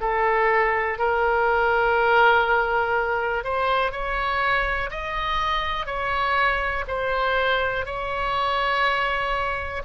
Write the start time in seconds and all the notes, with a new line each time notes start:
0.00 A4
0.98 A#4
3.44 C5
3.91 C#5
4.90 D#5
5.86 C#5
6.88 C5
7.86 C#5